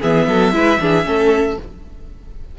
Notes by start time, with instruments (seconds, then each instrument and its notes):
0.00 cello E3, viola B3, violin G#4 E5
0.27 cello F#3, violin A4
0.52 cello G#3, viola E4, violin B4
0.80 cello E3, viola D4, violin G#4
1.04 cello A3, viola C#4, violin A4